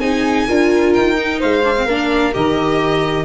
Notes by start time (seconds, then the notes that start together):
0.00 C4 D#4 G#4 G#5
0.48 D4 F4 A#4
0.94 D#4 G5
1.16 D#4
1.40 G#3 C5 F5
1.64 D4
1.77 C4
1.86 A#3 D4 A#4
2.33 D#3 G4 D#5